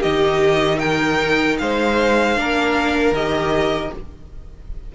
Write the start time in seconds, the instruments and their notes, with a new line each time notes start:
0.00 cello D#3, viola D#4, violin G4 D#5
0.79 violin A#4 G5
1.58 cello G#3, violin C5 F5
2.37 cello A#3, viola D4, violin A#4
3.12 cello D#3, viola G4, violin D#5